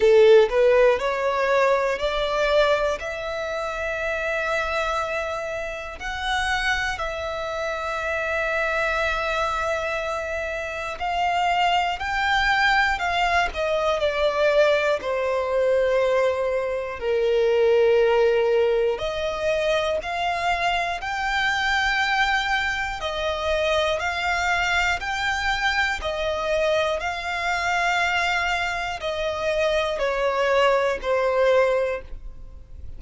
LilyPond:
\new Staff \with { instrumentName = "violin" } { \time 4/4 \tempo 4 = 60 a'8 b'8 cis''4 d''4 e''4~ | e''2 fis''4 e''4~ | e''2. f''4 | g''4 f''8 dis''8 d''4 c''4~ |
c''4 ais'2 dis''4 | f''4 g''2 dis''4 | f''4 g''4 dis''4 f''4~ | f''4 dis''4 cis''4 c''4 | }